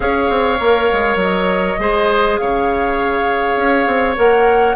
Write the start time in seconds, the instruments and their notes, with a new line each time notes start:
0.00 bassoon C#4, clarinet G#4, oboe C#5, flute F5
0.29 bassoon C4
0.59 bassoon A#3, clarinet A#4
0.92 bassoon G#3
1.15 bassoon F#3, flute D#5
1.79 bassoon G#3, clarinet G#4, oboe C5
2.37 bassoon C#3, oboe C#5, flute F5
3.56 bassoon C#4
3.86 bassoon C4
4.16 bassoon A#3, clarinet A#4, flute F#5